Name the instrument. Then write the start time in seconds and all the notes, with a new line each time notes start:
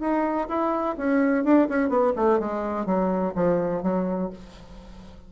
bassoon
0.00 D#4
0.48 E4
0.97 C#4
1.44 D4
1.68 C#4
1.89 B3
2.15 A3
2.39 G#3
2.86 F#3
3.35 F3
3.82 F#3